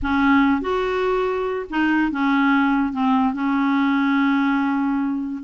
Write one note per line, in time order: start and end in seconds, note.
0.02 0.61 C#4
0.61 1.66 F#4
1.70 2.11 D#4
2.11 2.93 C#4
2.93 3.33 C4
3.33 5.43 C#4